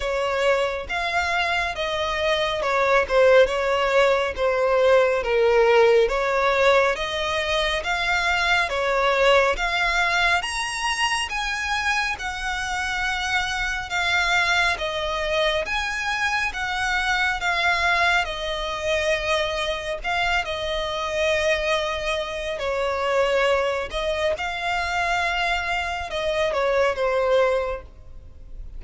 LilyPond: \new Staff \with { instrumentName = "violin" } { \time 4/4 \tempo 4 = 69 cis''4 f''4 dis''4 cis''8 c''8 | cis''4 c''4 ais'4 cis''4 | dis''4 f''4 cis''4 f''4 | ais''4 gis''4 fis''2 |
f''4 dis''4 gis''4 fis''4 | f''4 dis''2 f''8 dis''8~ | dis''2 cis''4. dis''8 | f''2 dis''8 cis''8 c''4 | }